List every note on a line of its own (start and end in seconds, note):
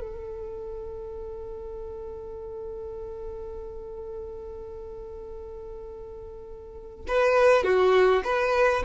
0.00 7.06 A4
7.08 7.64 B4
7.64 8.22 F#4
8.24 8.83 B4